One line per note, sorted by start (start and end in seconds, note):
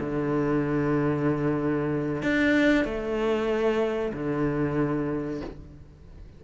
0.00 2.23 D3
2.23 2.85 D4
2.85 4.13 A3
4.13 5.41 D3